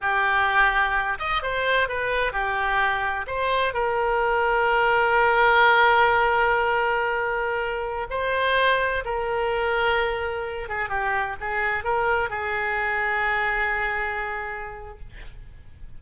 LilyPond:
\new Staff \with { instrumentName = "oboe" } { \time 4/4 \tempo 4 = 128 g'2~ g'8 dis''8 c''4 | b'4 g'2 c''4 | ais'1~ | ais'1~ |
ais'4~ ais'16 c''2 ais'8.~ | ais'2~ ais'8. gis'8 g'8.~ | g'16 gis'4 ais'4 gis'4.~ gis'16~ | gis'1 | }